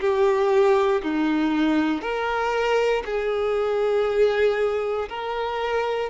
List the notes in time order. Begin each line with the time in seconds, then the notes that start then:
0.00 G4
1.02 D#4
2.01 A#4
3.05 G#4
5.09 A#4